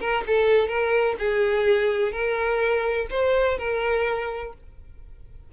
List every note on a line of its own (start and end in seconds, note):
0.00 0.24 A#4
0.27 0.68 A4
0.68 1.16 A#4
1.19 2.12 G#4
2.12 3.07 A#4
3.10 3.58 C5
3.58 4.53 A#4